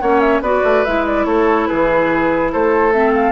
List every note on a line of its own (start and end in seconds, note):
0.00 0.41 A#3
0.00 0.44 C#4
0.00 0.42 C#5
0.00 0.20 F#5
0.20 0.41 E5
0.41 0.62 B3
0.41 0.86 F#4
0.41 1.26 B4
0.41 0.84 D5
0.64 0.85 A3
0.85 1.26 G#3
0.85 2.92 E4
0.85 1.06 E5
1.06 1.25 D5
1.25 1.68 A3
1.25 1.68 A4
1.25 1.67 C#5
1.67 2.54 E3
1.67 2.52 G#4
1.67 2.51 B4
2.52 3.32 A3
2.52 3.32 A4
2.52 2.92 C5
2.92 3.32 C4
2.92 3.13 E5
3.14 3.32 F5